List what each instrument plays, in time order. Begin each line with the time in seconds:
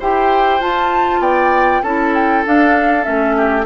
0.00 bassoon E4, clarinet G4, oboe C5, flute G5
0.61 bassoon F4, clarinet F4, flute A5
1.19 bassoon B3, oboe D5, flute G5
1.83 bassoon C#4, clarinet E4, oboe A4, flute A5
2.14 flute G5
2.46 clarinet D4, bassoon D4, flute F5
3.03 bassoon A3, clarinet C#4, flute E5
3.37 oboe G4